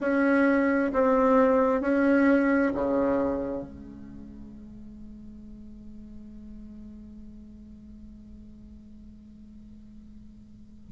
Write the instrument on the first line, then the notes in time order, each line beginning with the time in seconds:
bassoon
0.00 C#4
0.93 C4
1.81 C#4
2.74 C#3
3.62 G#3